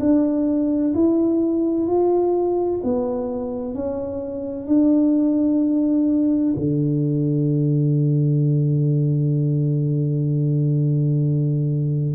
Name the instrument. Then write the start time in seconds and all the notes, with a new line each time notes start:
tuba
0.00 D4
0.95 E4
1.87 F4
2.84 B3
3.75 C#4
4.67 D4
6.57 D3